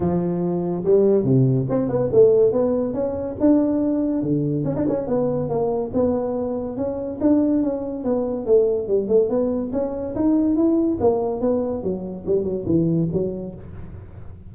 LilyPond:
\new Staff \with { instrumentName = "tuba" } { \time 4/4 \tempo 4 = 142 f2 g4 c4 | c'8 b8 a4 b4 cis'4 | d'2 d4 cis'16 d'16 cis'8 | b4 ais4 b2 |
cis'4 d'4 cis'4 b4 | a4 g8 a8 b4 cis'4 | dis'4 e'4 ais4 b4 | fis4 g8 fis8 e4 fis4 | }